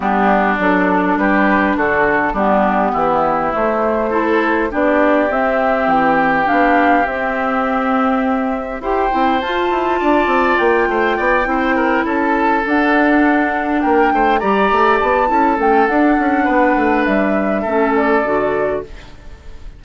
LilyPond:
<<
  \new Staff \with { instrumentName = "flute" } { \time 4/4 \tempo 4 = 102 g'4 a'4 b'4 a'4 | g'2 c''2 | d''4 e''4 g''4 f''4 | e''2. g''4 |
a''2 g''2~ | g''8 a''4 fis''2 g''8~ | g''8 ais''4 a''4 g''8 fis''4~ | fis''4 e''4. d''4. | }
  \new Staff \with { instrumentName = "oboe" } { \time 4/4 d'2 g'4 fis'4 | d'4 e'2 a'4 | g'1~ | g'2. c''4~ |
c''4 d''4. c''8 d''8 c''8 | ais'8 a'2. ais'8 | c''8 d''4. a'2 | b'2 a'2 | }
  \new Staff \with { instrumentName = "clarinet" } { \time 4/4 b4 d'2. | b2 a4 e'4 | d'4 c'2 d'4 | c'2. g'8 e'8 |
f'2.~ f'8 e'8~ | e'4. d'2~ d'8~ | d'8 g'4. e'8 cis'8 d'4~ | d'2 cis'4 fis'4 | }
  \new Staff \with { instrumentName = "bassoon" } { \time 4/4 g4 fis4 g4 d4 | g4 e4 a2 | b4 c'4 e4 b4 | c'2. e'8 c'8 |
f'8 e'8 d'8 c'8 ais8 a8 b8 c'8~ | c'8 cis'4 d'2 ais8 | a8 g8 a8 b8 cis'8 a8 d'8 cis'8 | b8 a8 g4 a4 d4 | }
>>